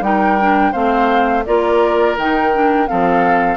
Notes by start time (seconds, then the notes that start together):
0.00 G3 D#4 A#4 G5
0.40 D4
0.71 A3 C4 C5 F5
1.45 A#3 F4 A#4 D5
2.17 D#3 D#4 G5
2.54 D4
2.87 F3 C4 A4 F5